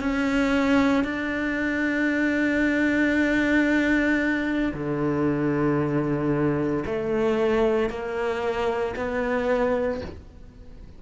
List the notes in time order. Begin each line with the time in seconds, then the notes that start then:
0.00 C#4
1.04 D4
4.73 D3
6.86 A3
7.89 A#3
8.96 B3